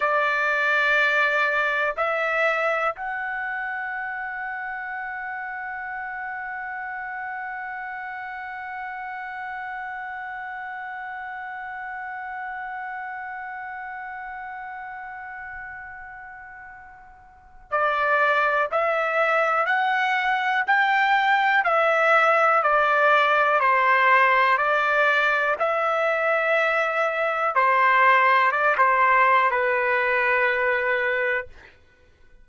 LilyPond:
\new Staff \with { instrumentName = "trumpet" } { \time 4/4 \tempo 4 = 61 d''2 e''4 fis''4~ | fis''1~ | fis''1~ | fis''1~ |
fis''2 d''4 e''4 | fis''4 g''4 e''4 d''4 | c''4 d''4 e''2 | c''4 d''16 c''8. b'2 | }